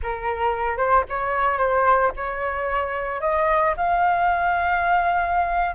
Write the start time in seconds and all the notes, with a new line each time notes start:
0.02 A#4
0.77 C5
1.09 C#5
1.58 C5
2.16 C#5
3.20 D#5
3.76 F5